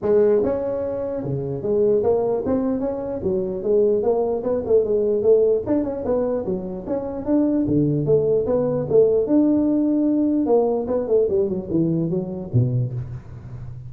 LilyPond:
\new Staff \with { instrumentName = "tuba" } { \time 4/4 \tempo 4 = 149 gis4 cis'2 cis4 | gis4 ais4 c'4 cis'4 | fis4 gis4 ais4 b8 a8 | gis4 a4 d'8 cis'8 b4 |
fis4 cis'4 d'4 d4 | a4 b4 a4 d'4~ | d'2 ais4 b8 a8 | g8 fis8 e4 fis4 b,4 | }